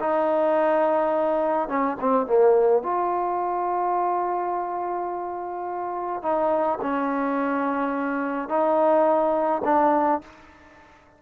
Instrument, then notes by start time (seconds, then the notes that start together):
trombone
0.00 D#4
1.69 C#4
2.01 C4
2.26 A#3
2.83 F4
6.22 D#4
6.82 C#4
8.49 D#4
9.65 D4